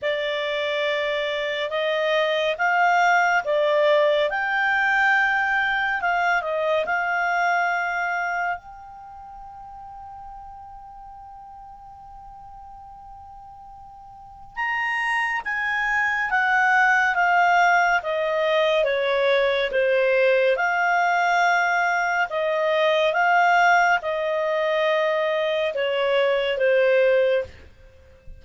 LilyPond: \new Staff \with { instrumentName = "clarinet" } { \time 4/4 \tempo 4 = 70 d''2 dis''4 f''4 | d''4 g''2 f''8 dis''8 | f''2 g''2~ | g''1~ |
g''4 ais''4 gis''4 fis''4 | f''4 dis''4 cis''4 c''4 | f''2 dis''4 f''4 | dis''2 cis''4 c''4 | }